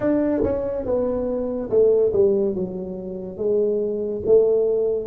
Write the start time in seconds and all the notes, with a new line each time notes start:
0.00 D4
0.43 C#4
0.85 B3
1.70 A3
2.12 G3
2.55 F#3
3.37 G#3
4.26 A3